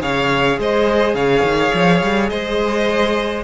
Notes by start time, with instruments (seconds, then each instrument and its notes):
0.00 cello C#3, viola G#4, violin C#5 F5
0.58 cello G#3, violin C5 D#5
1.15 cello C#3, violin C#5 F5
1.44 cello D#3
1.74 cello F3
2.02 cello G3
2.29 cello G#3, violin C5 D#5